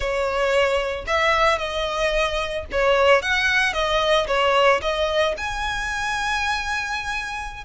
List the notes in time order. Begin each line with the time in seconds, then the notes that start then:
0.00 C#5
1.06 E5
1.58 D#5
2.71 C#5
3.21 F#5
3.73 D#5
4.27 C#5
4.81 D#5
5.37 G#5